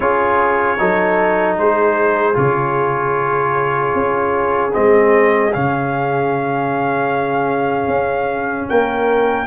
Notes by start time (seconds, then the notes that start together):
0.00 C#4 F4 G#4 C#5
0.77 F#3 D#4 A4
1.57 G#3 G#4 C5
2.34 C#3 F4 C#5
3.94 C#4
4.72 G#3 C4 D#5
5.52 C#3 C#4 F5
7.87 C#4
8.68 A#3 A#4 G5